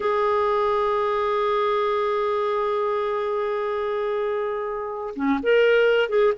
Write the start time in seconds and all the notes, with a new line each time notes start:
0.00 G#4
5.15 C#4
5.42 A#4
6.09 G#4